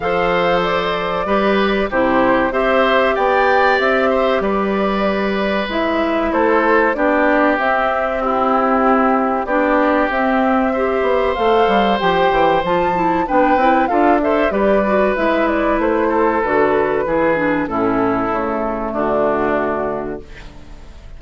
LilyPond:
<<
  \new Staff \with { instrumentName = "flute" } { \time 4/4 \tempo 4 = 95 f''4 d''2 c''4 | e''4 g''4 e''4 d''4~ | d''4 e''4 c''4 d''4 | e''4 g'2 d''4 |
e''2 f''4 g''4 | a''4 g''4 f''8 e''8 d''4 | e''8 d''8 c''4 b'2 | a'2 fis'2 | }
  \new Staff \with { instrumentName = "oboe" } { \time 4/4 c''2 b'4 g'4 | c''4 d''4. c''8 b'4~ | b'2 a'4 g'4~ | g'4 e'2 g'4~ |
g'4 c''2.~ | c''4 b'4 a'8 c''8 b'4~ | b'4. a'4. gis'4 | e'2 d'2 | }
  \new Staff \with { instrumentName = "clarinet" } { \time 4/4 a'2 g'4 e'4 | g'1~ | g'4 e'2 d'4 | c'2. d'4 |
c'4 g'4 a'4 g'4 | f'8 e'8 d'8 e'8 f'8 a'8 g'8 fis'8 | e'2 fis'4 e'8 d'8 | cis'4 a2. | }
  \new Staff \with { instrumentName = "bassoon" } { \time 4/4 f2 g4 c4 | c'4 b4 c'4 g4~ | g4 gis4 a4 b4 | c'2. b4 |
c'4. b8 a8 g8 f8 e8 | f4 b8 c'8 d'4 g4 | gis4 a4 d4 e4 | a,4 cis4 d2 | }
>>